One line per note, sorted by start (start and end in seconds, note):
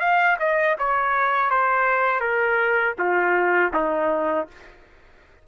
0.00 0.37 F5
0.39 0.76 D#5
0.78 1.50 C#5
1.50 2.20 C5
2.20 2.94 A#4
2.99 3.73 F4
3.73 4.47 D#4